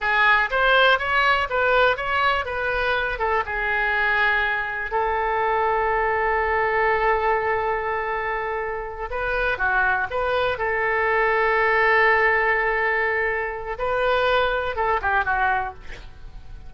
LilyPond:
\new Staff \with { instrumentName = "oboe" } { \time 4/4 \tempo 4 = 122 gis'4 c''4 cis''4 b'4 | cis''4 b'4. a'8 gis'4~ | gis'2 a'2~ | a'1~ |
a'2~ a'8 b'4 fis'8~ | fis'8 b'4 a'2~ a'8~ | a'1 | b'2 a'8 g'8 fis'4 | }